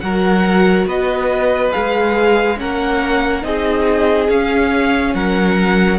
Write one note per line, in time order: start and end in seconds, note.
0.00 0.86 F#3
0.00 1.72 F#4
0.00 0.87 A#4
0.00 0.86 F#5
0.86 1.72 B3
0.86 2.58 B4
0.86 1.73 D#5
1.72 2.61 G#3
1.72 2.57 G#4
1.72 2.58 F5
2.57 3.44 A#3
2.57 3.42 C#4
2.57 3.46 A#4
2.57 3.45 F#5
3.42 4.29 C4
3.42 4.28 D#4
3.42 5.15 G#4
3.42 4.30 D#5
4.29 5.14 C#4
4.29 5.99 C#4
4.29 5.14 F5
5.14 5.99 F#3
5.14 5.99 A#4
5.14 5.99 F#5